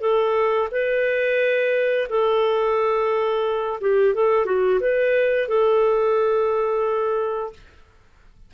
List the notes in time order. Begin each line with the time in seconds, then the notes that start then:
0.00 A4
0.71 B4
2.09 A4
3.80 G4
4.14 A4
4.45 F#4
4.80 B4
5.48 A4